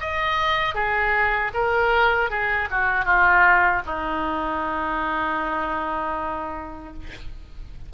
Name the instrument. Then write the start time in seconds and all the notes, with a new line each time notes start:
oboe
0.00 D#5
0.74 G#4
1.53 A#4
2.30 G#4
2.70 F#4
3.05 F4
3.86 D#4